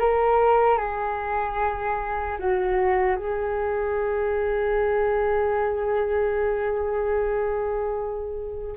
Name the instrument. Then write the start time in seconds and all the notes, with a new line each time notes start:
flute
0.00 A#4
0.77 G#4
2.39 F#4
3.16 G#4